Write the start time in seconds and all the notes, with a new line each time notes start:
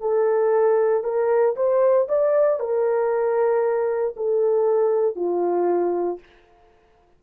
0.00 A4
1.03 A#4
1.56 C5
2.08 D5
2.60 A#4
4.16 A4
5.16 F4